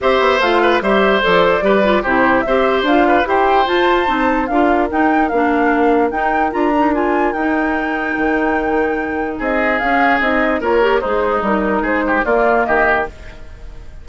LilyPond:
<<
  \new Staff \with { instrumentName = "flute" } { \time 4/4 \tempo 4 = 147 e''4 f''4 e''4 d''4~ | d''4 c''4 e''4 f''4 | g''4 a''2 f''4 | g''4 f''2 g''4 |
ais''4 gis''4 g''2~ | g''2. dis''4 | f''4 dis''4 cis''4 c''4 | ais'4 c''4 d''4 dis''4 | }
  \new Staff \with { instrumentName = "oboe" } { \time 4/4 c''4. b'8 c''2 | b'4 g'4 c''4. b'8 | c''2. ais'4~ | ais'1~ |
ais'1~ | ais'2. gis'4~ | gis'2 ais'4 dis'4~ | dis'4 gis'8 g'8 f'4 g'4 | }
  \new Staff \with { instrumentName = "clarinet" } { \time 4/4 g'4 f'4 g'4 a'4 | g'8 f'8 e'4 g'4 f'4 | g'4 f'4 dis'4 f'4 | dis'4 d'2 dis'4 |
f'8 dis'8 f'4 dis'2~ | dis'1 | cis'4 dis'4 f'8 g'8 gis'4 | dis'2 ais2 | }
  \new Staff \with { instrumentName = "bassoon" } { \time 4/4 c'8 b8 a4 g4 f4 | g4 c4 c'4 d'4 | e'4 f'4 c'4 d'4 | dis'4 ais2 dis'4 |
d'2 dis'2 | dis2. c'4 | cis'4 c'4 ais4 gis4 | g4 gis4 ais4 dis4 | }
>>